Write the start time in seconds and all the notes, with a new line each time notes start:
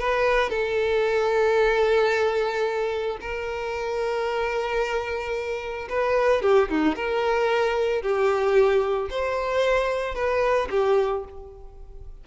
0.00 B4
0.50 A4
3.21 A#4
5.89 B4
6.42 G4
6.70 D#4
6.96 A#4
8.02 G4
9.10 C5
10.15 B4
10.71 G4